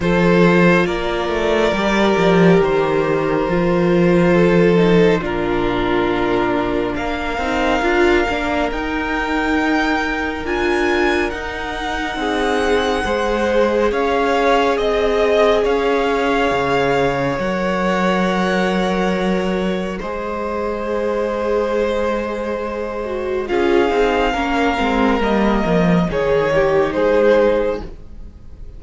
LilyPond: <<
  \new Staff \with { instrumentName = "violin" } { \time 4/4 \tempo 4 = 69 c''4 d''2 c''4~ | c''2 ais'2 | f''2 g''2 | gis''4 fis''2. |
f''4 dis''4 f''2 | fis''2. dis''4~ | dis''2. f''4~ | f''4 dis''4 cis''4 c''4 | }
  \new Staff \with { instrumentName = "violin" } { \time 4/4 a'4 ais'2.~ | ais'4 a'4 f'2 | ais'1~ | ais'2 gis'4 c''4 |
cis''4 dis''4 cis''2~ | cis''2. c''4~ | c''2. gis'4 | ais'2 gis'8 g'8 gis'4 | }
  \new Staff \with { instrumentName = "viola" } { \time 4/4 f'2 g'2 | f'4. dis'8 d'2~ | d'8 dis'8 f'8 d'8 dis'2 | f'4 dis'2 gis'4~ |
gis'1 | ais'2. gis'4~ | gis'2~ gis'8 fis'8 f'8 dis'8 | cis'8 c'8 ais4 dis'2 | }
  \new Staff \with { instrumentName = "cello" } { \time 4/4 f4 ais8 a8 g8 f8 dis4 | f2 ais,2 | ais8 c'8 d'8 ais8 dis'2 | d'4 dis'4 c'4 gis4 |
cis'4 c'4 cis'4 cis4 | fis2. gis4~ | gis2. cis'8 c'8 | ais8 gis8 g8 f8 dis4 gis4 | }
>>